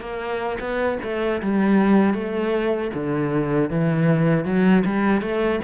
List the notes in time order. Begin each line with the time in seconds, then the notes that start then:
0.00 A#3
0.59 B3
1.03 A3
1.42 G3
2.14 A3
2.94 D3
3.70 E3
4.45 F#3
4.85 G3
5.21 A3